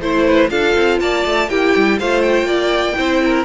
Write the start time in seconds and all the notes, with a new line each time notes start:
0.00 A3 E4 C5
0.25 B4
0.49 D4 F4 A4 F5
0.75 C4
0.99 A#3 D5 A5
1.25 A3
1.49 A#3 E4 G4 G5
1.76 G3
1.99 A3 F4 C5 F5
2.21 G5
2.43 A#3 D5
2.95 C4 E4 C5
3.24 A#4